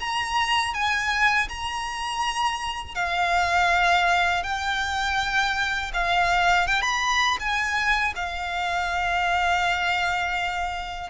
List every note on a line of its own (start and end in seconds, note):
0.00 0.74 A#5
0.74 1.48 G#5
1.49 2.95 A#5
2.95 4.43 F5
4.44 5.92 G5
5.94 6.68 F5
6.68 6.82 G5
6.82 7.37 B5
7.40 8.14 G#5
8.16 11.10 F5